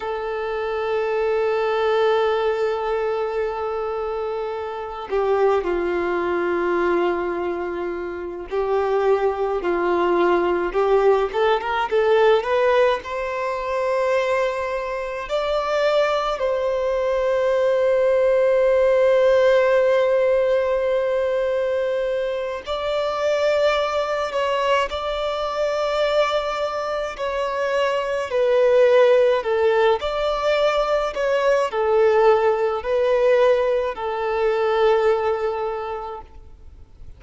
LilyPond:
\new Staff \with { instrumentName = "violin" } { \time 4/4 \tempo 4 = 53 a'1~ | a'8 g'8 f'2~ f'8 g'8~ | g'8 f'4 g'8 a'16 ais'16 a'8 b'8 c''8~ | c''4. d''4 c''4.~ |
c''1 | d''4. cis''8 d''2 | cis''4 b'4 a'8 d''4 cis''8 | a'4 b'4 a'2 | }